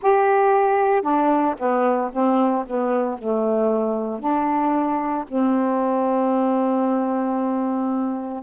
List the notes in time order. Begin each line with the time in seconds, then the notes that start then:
0.02 G4
1.02 D4
1.58 B3
2.12 C4
2.66 B3
3.18 A3
4.19 D4
5.27 C4